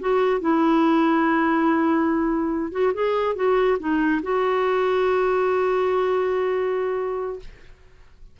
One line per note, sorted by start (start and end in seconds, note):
0.00 0.40 F#4
0.40 2.72 E4
2.72 2.93 F#4
2.93 3.35 G#4
3.35 3.78 F#4
3.79 4.21 D#4
4.22 7.39 F#4